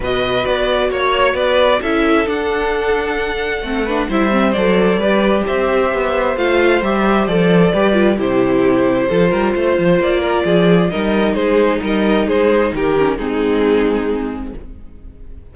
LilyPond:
<<
  \new Staff \with { instrumentName = "violin" } { \time 4/4 \tempo 4 = 132 dis''4 d''4 cis''4 d''4 | e''4 fis''2.~ | fis''4 e''4 d''2 | e''2 f''4 e''4 |
d''2 c''2~ | c''2 d''2 | dis''4 c''4 dis''4 c''4 | ais'4 gis'2. | }
  \new Staff \with { instrumentName = "violin" } { \time 4/4 b'2 cis''4 b'4 | a'1~ | a'8 b'8 c''2 b'4 | c''1~ |
c''4 b'4 g'2 | a'8 ais'8 c''4. ais'8 gis'4 | ais'4 gis'4 ais'4 gis'4 | g'4 dis'2. | }
  \new Staff \with { instrumentName = "viola" } { \time 4/4 fis'1 | e'4 d'2. | c'8 d'8 e'8 c'8 a'4 g'4~ | g'2 f'4 g'4 |
a'4 g'8 f'8 e'2 | f'1 | dis'1~ | dis'8 cis'8 c'2. | }
  \new Staff \with { instrumentName = "cello" } { \time 4/4 b,4 b4 ais4 b4 | cis'4 d'2. | a4 g4 fis4 g4 | c'4 b4 a4 g4 |
f4 g4 c2 | f8 g8 a8 f8 ais4 f4 | g4 gis4 g4 gis4 | dis4 gis2. | }
>>